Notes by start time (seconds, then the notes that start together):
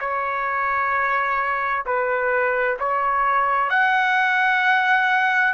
0.00 C#5
1.85 B4
2.79 C#5
3.70 F#5